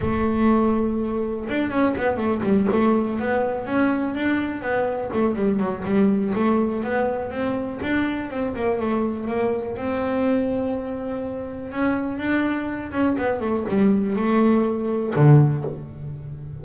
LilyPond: \new Staff \with { instrumentName = "double bass" } { \time 4/4 \tempo 4 = 123 a2. d'8 cis'8 | b8 a8 g8 a4 b4 cis'8~ | cis'8 d'4 b4 a8 g8 fis8 | g4 a4 b4 c'4 |
d'4 c'8 ais8 a4 ais4 | c'1 | cis'4 d'4. cis'8 b8 a8 | g4 a2 d4 | }